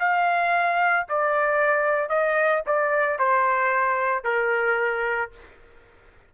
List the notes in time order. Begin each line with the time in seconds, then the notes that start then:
0.00 F5
1.09 D5
2.09 D#5
2.67 D5
3.19 C5
4.24 A#4